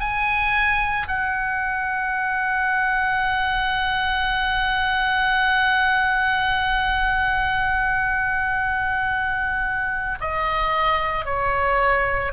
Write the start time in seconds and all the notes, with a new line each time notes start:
0.00 G#5
1.08 F#5
10.21 D#5
11.25 C#5